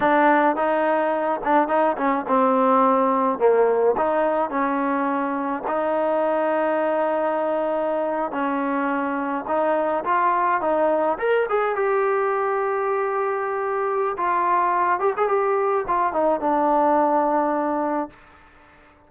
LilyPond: \new Staff \with { instrumentName = "trombone" } { \time 4/4 \tempo 4 = 106 d'4 dis'4. d'8 dis'8 cis'8 | c'2 ais4 dis'4 | cis'2 dis'2~ | dis'2~ dis'8. cis'4~ cis'16~ |
cis'8. dis'4 f'4 dis'4 ais'16~ | ais'16 gis'8 g'2.~ g'16~ | g'4 f'4. g'16 gis'16 g'4 | f'8 dis'8 d'2. | }